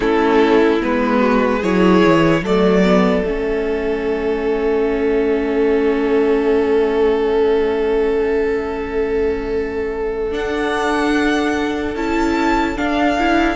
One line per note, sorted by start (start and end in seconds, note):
0.00 0.81 A3
0.00 0.80 C#4
0.00 1.19 E4
0.00 0.80 A4
0.80 1.63 G#3
0.80 1.61 B3
0.80 1.63 B4
1.19 1.58 F#4
1.58 2.03 F#3
1.58 2.44 E4
1.58 2.40 G#4
1.58 2.44 C#5
2.05 2.41 E3
2.41 3.22 F#3
2.41 2.83 A3
2.41 13.56 A4
2.41 3.23 D5
2.83 3.24 B3
3.23 10.33 A3
3.23 10.30 C#4
3.23 10.33 E5
10.30 11.93 D4
10.30 11.95 D4
10.30 11.95 F#5
11.95 12.76 C#4
11.95 12.76 E4
11.95 12.77 A5
12.76 13.17 D4
12.76 13.56 D4
12.76 13.56 F5
13.18 13.56 E4